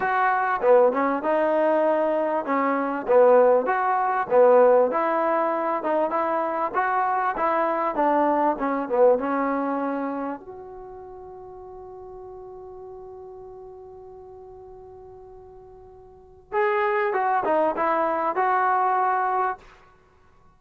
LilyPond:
\new Staff \with { instrumentName = "trombone" } { \time 4/4 \tempo 4 = 98 fis'4 b8 cis'8 dis'2 | cis'4 b4 fis'4 b4 | e'4. dis'8 e'4 fis'4 | e'4 d'4 cis'8 b8 cis'4~ |
cis'4 fis'2.~ | fis'1~ | fis'2. gis'4 | fis'8 dis'8 e'4 fis'2 | }